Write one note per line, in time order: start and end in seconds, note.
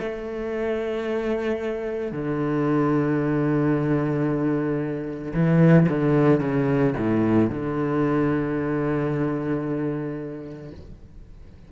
0.00 2.12 A3
2.12 5.34 D3
5.34 5.88 E3
5.89 6.41 D3
6.41 6.94 C#3
6.98 7.50 A2
7.50 10.72 D3